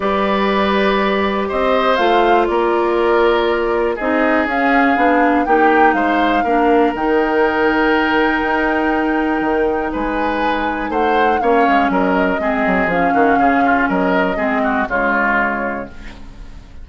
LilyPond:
<<
  \new Staff \with { instrumentName = "flute" } { \time 4/4 \tempo 4 = 121 d''2. dis''4 | f''4 d''2. | dis''4 f''2 g''4 | f''2 g''2~ |
g''1 | gis''2 fis''4 f''4 | dis''2 f''2 | dis''2 cis''2 | }
  \new Staff \with { instrumentName = "oboe" } { \time 4/4 b'2. c''4~ | c''4 ais'2. | gis'2. g'4 | c''4 ais'2.~ |
ais'1 | b'2 c''4 cis''4 | ais'4 gis'4. fis'8 gis'8 f'8 | ais'4 gis'8 fis'8 f'2 | }
  \new Staff \with { instrumentName = "clarinet" } { \time 4/4 g'1 | f'1 | dis'4 cis'4 d'4 dis'4~ | dis'4 d'4 dis'2~ |
dis'1~ | dis'2. cis'4~ | cis'4 c'4 cis'2~ | cis'4 c'4 gis2 | }
  \new Staff \with { instrumentName = "bassoon" } { \time 4/4 g2. c'4 | a4 ais2. | c'4 cis'4 b4 ais4 | gis4 ais4 dis2~ |
dis4 dis'2 dis4 | gis2 a4 ais8 gis8 | fis4 gis8 fis8 f8 dis8 cis4 | fis4 gis4 cis2 | }
>>